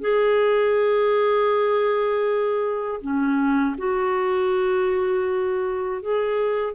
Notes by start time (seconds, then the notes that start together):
0.00 G#4
3.01 C#4
3.77 F#4
6.01 G#4